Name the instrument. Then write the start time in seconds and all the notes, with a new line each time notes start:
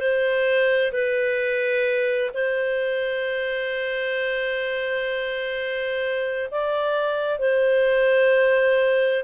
clarinet
0.00 C5
0.93 B4
2.34 C5
6.52 D5
7.40 C5